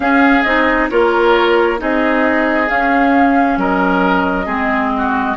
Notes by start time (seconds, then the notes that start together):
0.00 C#4 G#4 F5
0.42 C4 D#4 D#5
0.90 A#3 F4 A#4 C#5
1.78 C4 D#4 G#4 D#5
2.68 C#4 F5
3.57 F#3 A#4 D#5
4.45 G#3 C4 G#4
4.97 F#4